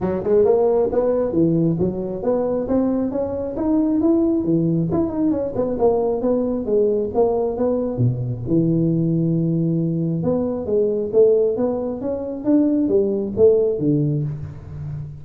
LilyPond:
\new Staff \with { instrumentName = "tuba" } { \time 4/4 \tempo 4 = 135 fis8 gis8 ais4 b4 e4 | fis4 b4 c'4 cis'4 | dis'4 e'4 e4 e'8 dis'8 | cis'8 b8 ais4 b4 gis4 |
ais4 b4 b,4 e4~ | e2. b4 | gis4 a4 b4 cis'4 | d'4 g4 a4 d4 | }